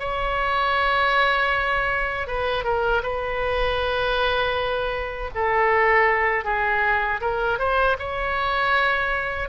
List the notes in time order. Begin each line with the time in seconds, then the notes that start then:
0.00 C#5
2.28 B4
2.64 A#4
3.03 B4
5.35 A4
6.45 G#4
7.21 A#4
7.59 C5
7.99 C#5